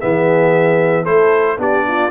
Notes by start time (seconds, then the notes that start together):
0.00 E3 B3 G#4 E5
1.03 A3 E4 A4 C5
1.58 B3 D4 G4 D5
1.87 F4